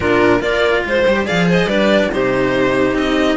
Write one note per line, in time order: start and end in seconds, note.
0.00 0.41 A#2
0.00 0.40 D4
0.00 0.40 F4
0.00 0.41 A#4
0.40 0.83 A#3
0.40 1.03 F4
0.40 0.83 A#4
0.40 0.83 D5
0.85 1.06 G#3
0.85 1.25 C5
0.85 1.26 C5
1.06 1.28 G3
1.06 1.26 G4
1.25 1.65 F3
1.25 1.68 G#4
1.25 1.46 D5
1.25 1.47 F5
1.48 1.68 C5
1.48 1.68 D#5
1.65 2.08 G3
1.65 2.11 D4
1.65 2.10 B4
1.65 2.11 D5
2.12 2.93 C3
2.12 3.36 D#4
2.12 3.36 G4
2.12 2.97 C5
2.93 3.36 C4
2.93 3.36 D#5